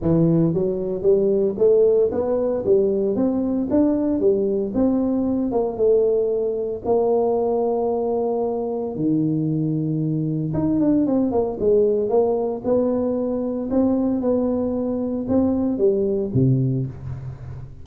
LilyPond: \new Staff \with { instrumentName = "tuba" } { \time 4/4 \tempo 4 = 114 e4 fis4 g4 a4 | b4 g4 c'4 d'4 | g4 c'4. ais8 a4~ | a4 ais2.~ |
ais4 dis2. | dis'8 d'8 c'8 ais8 gis4 ais4 | b2 c'4 b4~ | b4 c'4 g4 c4 | }